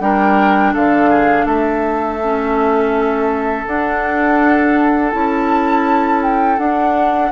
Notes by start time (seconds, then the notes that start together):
0.00 G3 D4 A#4 G5
0.73 D3 A4 F5
1.10 G#4
1.45 A3 A4 E5
2.23 C#4
3.67 D4 F#5
5.11 C#4 E4 A5
6.23 G5
6.58 D4 F#5